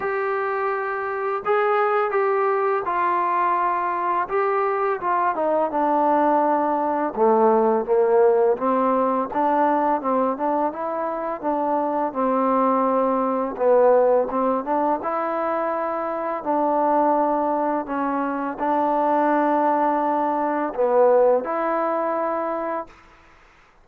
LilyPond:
\new Staff \with { instrumentName = "trombone" } { \time 4/4 \tempo 4 = 84 g'2 gis'4 g'4 | f'2 g'4 f'8 dis'8 | d'2 a4 ais4 | c'4 d'4 c'8 d'8 e'4 |
d'4 c'2 b4 | c'8 d'8 e'2 d'4~ | d'4 cis'4 d'2~ | d'4 b4 e'2 | }